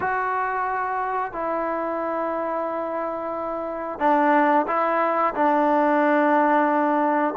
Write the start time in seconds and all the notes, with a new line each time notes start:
0.00 F#4
1.32 E4
3.99 D4
4.67 E4
5.34 D4